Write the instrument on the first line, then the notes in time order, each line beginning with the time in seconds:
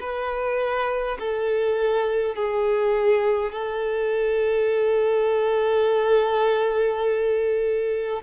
violin
0.00 B4
1.19 A4
2.35 G#4
3.52 A4